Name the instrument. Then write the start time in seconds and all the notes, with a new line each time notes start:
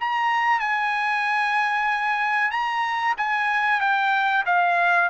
trumpet
0.00 A#5
0.60 G#5
2.51 A#5
3.17 G#5
3.80 G5
4.46 F5